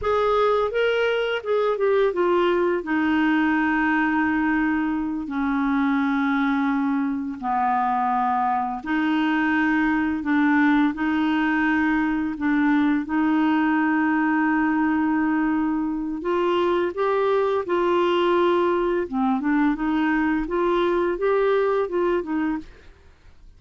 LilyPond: \new Staff \with { instrumentName = "clarinet" } { \time 4/4 \tempo 4 = 85 gis'4 ais'4 gis'8 g'8 f'4 | dis'2.~ dis'8 cis'8~ | cis'2~ cis'8 b4.~ | b8 dis'2 d'4 dis'8~ |
dis'4. d'4 dis'4.~ | dis'2. f'4 | g'4 f'2 c'8 d'8 | dis'4 f'4 g'4 f'8 dis'8 | }